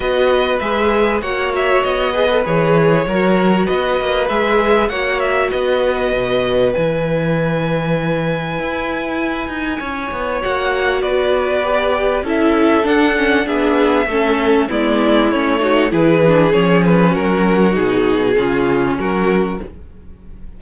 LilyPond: <<
  \new Staff \with { instrumentName = "violin" } { \time 4/4 \tempo 4 = 98 dis''4 e''4 fis''8 e''8 dis''4 | cis''2 dis''4 e''4 | fis''8 e''8 dis''2 gis''4~ | gis''1~ |
gis''4 fis''4 d''2 | e''4 fis''4 e''2 | d''4 cis''4 b'4 cis''8 b'8 | ais'4 gis'2 ais'4 | }
  \new Staff \with { instrumentName = "violin" } { \time 4/4 b'2 cis''4. b'8~ | b'4 ais'4 b'2 | cis''4 b'2.~ | b'1 |
cis''2 b'2 | a'2 gis'4 a'4 | e'4. fis'8 gis'2 | fis'2 f'4 fis'4 | }
  \new Staff \with { instrumentName = "viola" } { \time 4/4 fis'4 gis'4 fis'4. gis'16 a'16 | gis'4 fis'2 gis'4 | fis'2. e'4~ | e'1~ |
e'4 fis'2 g'4 | e'4 d'8 cis'8 d'4 cis'4 | b4 cis'8 dis'8 e'8 d'8 cis'4~ | cis'4 dis'4 cis'2 | }
  \new Staff \with { instrumentName = "cello" } { \time 4/4 b4 gis4 ais4 b4 | e4 fis4 b8 ais8 gis4 | ais4 b4 b,4 e4~ | e2 e'4. dis'8 |
cis'8 b8 ais4 b2 | cis'4 d'4 b4 a4 | gis4 a4 e4 f4 | fis4 b,4 cis4 fis4 | }
>>